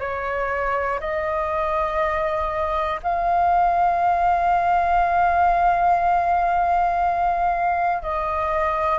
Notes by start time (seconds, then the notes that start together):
0.00 C#5
1.00 D#5
3.03 F5
8.02 D#5